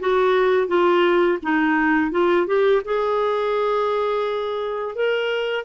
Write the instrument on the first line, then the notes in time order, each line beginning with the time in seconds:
clarinet
0.00 F#4
0.68 F4
1.42 D#4
2.11 F4
2.47 G4
2.85 G#4
4.95 A#4